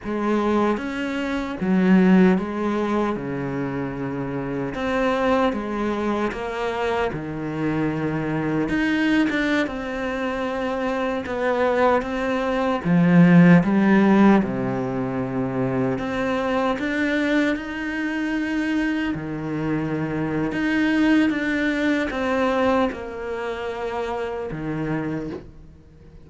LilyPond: \new Staff \with { instrumentName = "cello" } { \time 4/4 \tempo 4 = 76 gis4 cis'4 fis4 gis4 | cis2 c'4 gis4 | ais4 dis2 dis'8. d'16~ | d'16 c'2 b4 c'8.~ |
c'16 f4 g4 c4.~ c16~ | c16 c'4 d'4 dis'4.~ dis'16~ | dis'16 dis4.~ dis16 dis'4 d'4 | c'4 ais2 dis4 | }